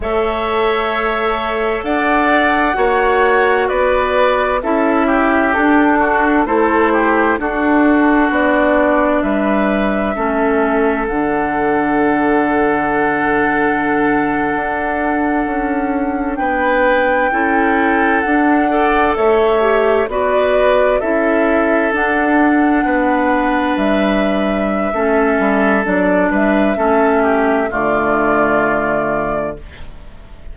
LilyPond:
<<
  \new Staff \with { instrumentName = "flute" } { \time 4/4 \tempo 4 = 65 e''2 fis''2 | d''4 e''4 a'4 c''4 | a'4 d''4 e''2 | fis''1~ |
fis''4.~ fis''16 g''2 fis''16~ | fis''8. e''4 d''4 e''4 fis''16~ | fis''4.~ fis''16 e''2~ e''16 | d''8 e''4. d''2 | }
  \new Staff \with { instrumentName = "oboe" } { \time 4/4 cis''2 d''4 cis''4 | b'4 a'8 g'4 fis'8 a'8 g'8 | fis'2 b'4 a'4~ | a'1~ |
a'4.~ a'16 b'4 a'4~ a'16~ | a'16 d''8 cis''4 b'4 a'4~ a'16~ | a'8. b'2~ b'16 a'4~ | a'8 b'8 a'8 g'8 f'2 | }
  \new Staff \with { instrumentName = "clarinet" } { \time 4/4 a'2. fis'4~ | fis'4 e'4 d'4 e'4 | d'2. cis'4 | d'1~ |
d'2~ d'8. e'4 d'16~ | d'16 a'4 g'8 fis'4 e'4 d'16~ | d'2. cis'4 | d'4 cis'4 a2 | }
  \new Staff \with { instrumentName = "bassoon" } { \time 4/4 a2 d'4 ais4 | b4 cis'4 d'4 a4 | d'4 b4 g4 a4 | d2.~ d8. d'16~ |
d'8. cis'4 b4 cis'4 d'16~ | d'8. a4 b4 cis'4 d'16~ | d'8. b4 g4~ g16 a8 g8 | fis8 g8 a4 d2 | }
>>